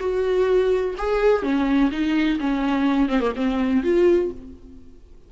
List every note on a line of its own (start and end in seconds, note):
0.00 0.95 F#4
0.98 1.43 G#4
1.43 1.90 C#4
1.91 2.39 D#4
2.40 3.09 C#4
3.09 3.21 C4
3.21 3.33 A#3
3.36 3.84 C4
3.84 4.31 F4